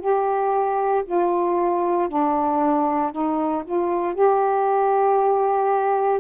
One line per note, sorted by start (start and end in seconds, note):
0.00 1.03 G4
1.05 2.08 F4
2.08 3.12 D4
3.12 3.63 D#4
3.65 4.14 F4
4.14 6.20 G4